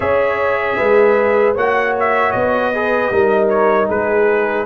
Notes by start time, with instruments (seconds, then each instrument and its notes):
0.00 tuba C#4, trombone G#4, horn C#5, trumpet E5
0.76 tuba G#3, horn B4
1.54 tuba A#3, trombone F#4, horn C#5, trumpet F#5
1.99 trumpet E5
2.31 tuba B3, trumpet D#5
2.74 trombone G#4, horn B4
3.10 tuba G3, trombone D#4, horn A#4
3.49 trumpet C#5
3.87 tuba G#3, horn G#4, trumpet B4